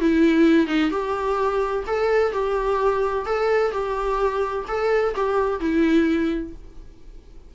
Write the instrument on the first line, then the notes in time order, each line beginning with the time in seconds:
viola
0.00 E4
0.67 D#4
0.91 G4
1.87 A4
2.33 G4
3.26 A4
3.72 G4
4.68 A4
5.15 G4
5.60 E4